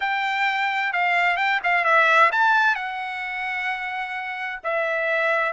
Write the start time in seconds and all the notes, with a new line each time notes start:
0.00 G5
0.92 F5
1.36 G5
1.63 F5
1.84 E5
2.32 A5
2.75 F#5
4.63 E5